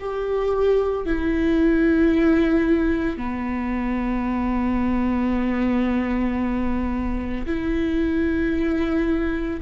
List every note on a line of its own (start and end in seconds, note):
0.00 1.06 G4
1.06 3.18 E4
3.18 7.46 B3
7.47 9.61 E4